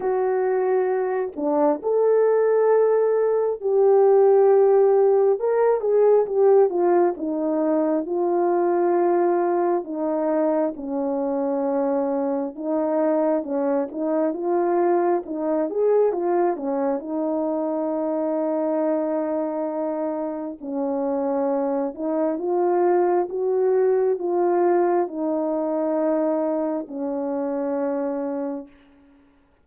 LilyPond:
\new Staff \with { instrumentName = "horn" } { \time 4/4 \tempo 4 = 67 fis'4. d'8 a'2 | g'2 ais'8 gis'8 g'8 f'8 | dis'4 f'2 dis'4 | cis'2 dis'4 cis'8 dis'8 |
f'4 dis'8 gis'8 f'8 cis'8 dis'4~ | dis'2. cis'4~ | cis'8 dis'8 f'4 fis'4 f'4 | dis'2 cis'2 | }